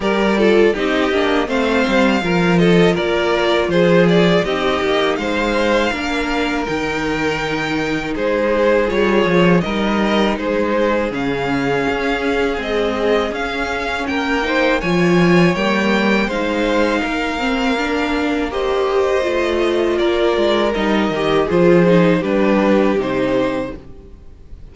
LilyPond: <<
  \new Staff \with { instrumentName = "violin" } { \time 4/4 \tempo 4 = 81 d''4 dis''4 f''4. dis''8 | d''4 c''8 d''8 dis''4 f''4~ | f''4 g''2 c''4 | cis''4 dis''4 c''4 f''4~ |
f''4 dis''4 f''4 g''4 | gis''4 g''4 f''2~ | f''4 dis''2 d''4 | dis''4 c''4 b'4 c''4 | }
  \new Staff \with { instrumentName = "violin" } { \time 4/4 ais'8 a'8 g'4 c''4 ais'8 a'8 | ais'4 gis'4 g'4 c''4 | ais'2. gis'4~ | gis'4 ais'4 gis'2~ |
gis'2. ais'8 c''8 | cis''2 c''4 ais'4~ | ais'4 c''2 ais'4~ | ais'4 gis'4 g'2 | }
  \new Staff \with { instrumentName = "viola" } { \time 4/4 g'8 f'8 dis'8 d'8 c'4 f'4~ | f'2 dis'2 | d'4 dis'2. | f'4 dis'2 cis'4~ |
cis'4 gis4 cis'4. dis'8 | f'4 ais4 dis'4. c'8 | d'4 g'4 f'2 | dis'8 g'8 f'8 dis'8 d'4 dis'4 | }
  \new Staff \with { instrumentName = "cello" } { \time 4/4 g4 c'8 ais8 a8 g8 f4 | ais4 f4 c'8 ais8 gis4 | ais4 dis2 gis4 | g8 f8 g4 gis4 cis4 |
cis'4 c'4 cis'4 ais4 | f4 g4 gis4 ais4~ | ais2 a4 ais8 gis8 | g8 dis8 f4 g4 c4 | }
>>